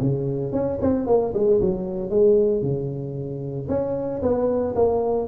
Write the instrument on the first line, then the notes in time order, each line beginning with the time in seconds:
tuba
0.00 C#3
0.52 C#4
0.81 C4
1.06 A#3
1.34 G#3
1.61 F#3
2.10 G#3
2.62 C#3
3.68 C#4
4.22 B3
4.75 A#3